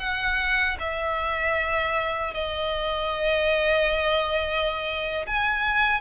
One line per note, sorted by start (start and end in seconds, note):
0.00 0.78 F#5
0.80 2.34 E5
2.34 5.26 D#5
5.27 6.02 G#5